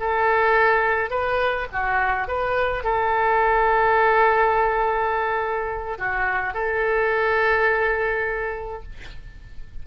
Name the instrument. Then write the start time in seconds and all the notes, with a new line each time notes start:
oboe
0.00 A4
1.10 B4
1.72 F#4
2.28 B4
2.84 A4
5.98 F#4
6.54 A4